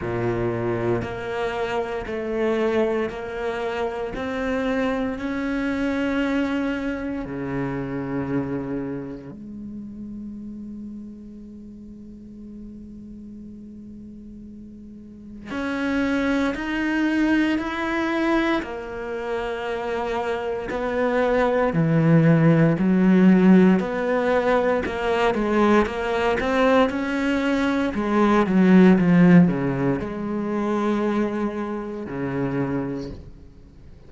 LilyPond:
\new Staff \with { instrumentName = "cello" } { \time 4/4 \tempo 4 = 58 ais,4 ais4 a4 ais4 | c'4 cis'2 cis4~ | cis4 gis2.~ | gis2. cis'4 |
dis'4 e'4 ais2 | b4 e4 fis4 b4 | ais8 gis8 ais8 c'8 cis'4 gis8 fis8 | f8 cis8 gis2 cis4 | }